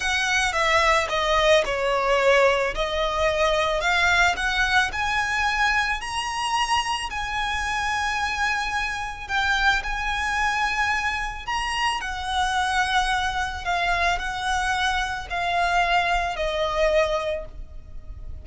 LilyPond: \new Staff \with { instrumentName = "violin" } { \time 4/4 \tempo 4 = 110 fis''4 e''4 dis''4 cis''4~ | cis''4 dis''2 f''4 | fis''4 gis''2 ais''4~ | ais''4 gis''2.~ |
gis''4 g''4 gis''2~ | gis''4 ais''4 fis''2~ | fis''4 f''4 fis''2 | f''2 dis''2 | }